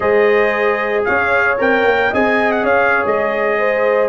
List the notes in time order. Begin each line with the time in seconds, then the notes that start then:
0.00 G#3 G#4 C5 D#5
1.04 C#4 C#5 F5
1.58 C4 A#4 G5
1.84 A#3
2.10 C4 G#4 D#5 G#5
2.51 F#5
2.63 C#4 C#5 F5
3.06 G#3 D#5
3.58 C5